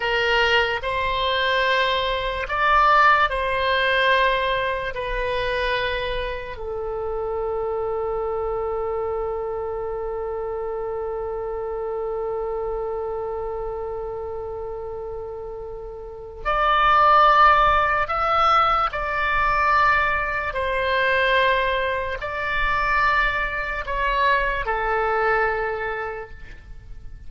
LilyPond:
\new Staff \with { instrumentName = "oboe" } { \time 4/4 \tempo 4 = 73 ais'4 c''2 d''4 | c''2 b'2 | a'1~ | a'1~ |
a'1 | d''2 e''4 d''4~ | d''4 c''2 d''4~ | d''4 cis''4 a'2 | }